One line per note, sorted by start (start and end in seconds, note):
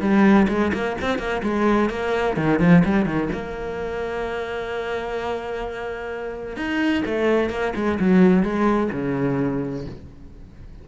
0.00 0.47 G3
0.48 0.72 G#3
0.73 0.97 A#3
1.01 1.18 C4
1.18 1.42 A#3
1.43 1.90 G#3
1.90 2.36 A#3
2.36 2.60 D#3
2.60 2.83 F3
2.84 3.06 G3
3.06 3.29 D#3
3.33 6.56 A#3
6.56 7.03 D#4
7.06 7.50 A3
7.50 7.73 A#3
7.75 7.99 G#3
8.00 8.43 F#3
8.43 8.90 G#3
8.92 9.86 C#3